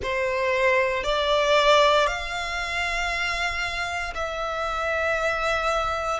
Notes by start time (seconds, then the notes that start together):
0.02 C5
1.03 D5
2.06 F5
4.14 E5